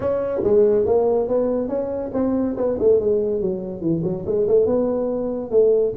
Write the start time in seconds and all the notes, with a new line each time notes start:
0.00 C#4
0.43 G#3
0.85 A#3
1.28 B3
1.68 C#4
2.13 C4
2.56 B3
2.79 A3
3.00 G#3
3.40 F#3
3.81 E3
4.03 F#3
4.26 G#3
4.47 A3
4.66 B3
5.50 A3